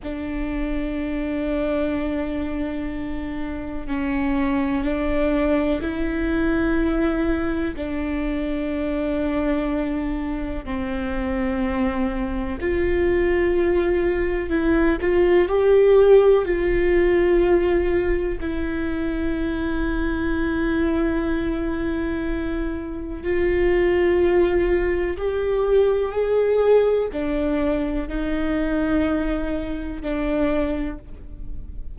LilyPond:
\new Staff \with { instrumentName = "viola" } { \time 4/4 \tempo 4 = 62 d'1 | cis'4 d'4 e'2 | d'2. c'4~ | c'4 f'2 e'8 f'8 |
g'4 f'2 e'4~ | e'1 | f'2 g'4 gis'4 | d'4 dis'2 d'4 | }